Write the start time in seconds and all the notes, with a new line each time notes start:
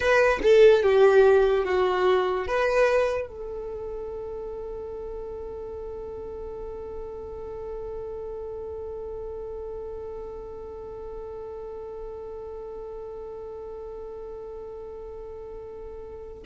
0.00 B4
0.43 A4
0.83 G4
1.64 F#4
2.47 B4
3.28 A4